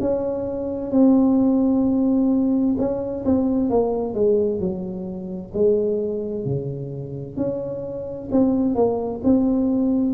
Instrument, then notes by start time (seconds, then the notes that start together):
tuba
0.00 C#4
0.91 C4
2.78 C#4
3.25 C4
3.70 A#3
4.14 G#3
4.60 F#3
5.54 G#3
6.45 C#3
7.37 C#4
8.32 C4
8.75 A#3
9.24 C4